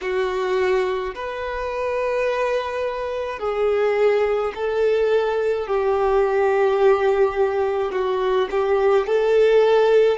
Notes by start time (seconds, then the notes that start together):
0.01 F#4
1.14 B4
3.39 G#4
4.54 A4
5.67 G4
7.91 F#4
8.50 G4
9.06 A4